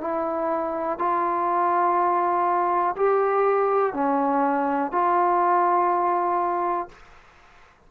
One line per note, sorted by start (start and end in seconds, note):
0.00 0.98 E4
0.98 2.95 F4
2.96 3.93 G4
3.93 4.91 C#4
4.91 6.88 F4